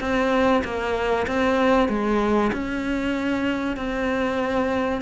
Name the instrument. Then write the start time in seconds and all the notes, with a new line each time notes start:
cello
0.00 C4
0.64 A#3
1.27 C4
1.89 G#3
2.53 C#4
3.77 C4